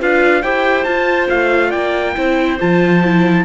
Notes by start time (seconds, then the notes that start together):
0.00 D4 F4 B4 F5
0.43 E4 G4 C5 G5
0.84 F4 A5
1.29 A3 F5
1.69 A#3 D5 G5
2.15 C4 E4 C5
2.59 F3 F4 A5
3.03 E4